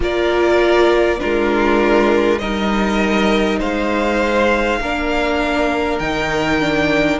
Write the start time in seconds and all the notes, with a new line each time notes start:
0.00 A#3 F4 A#4 D5
1.19 G#3 D4 F4 A#4
2.38 G3 D#4 A#4 D#5
3.59 G#3 C5 F5
4.80 A#3 D4 A#4
5.99 D#3 D#4 G5
6.61 D4